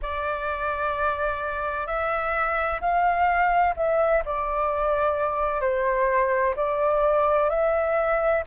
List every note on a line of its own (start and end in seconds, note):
0.02 1.86 D5
1.86 2.80 E5
2.80 3.74 F5
3.76 4.23 E5
4.25 5.60 D5
5.60 6.54 C5
6.55 7.49 D5
7.49 8.43 E5